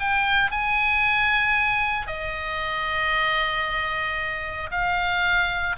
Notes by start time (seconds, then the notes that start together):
0.00 G5
0.51 G#5
2.08 D#5
4.72 F5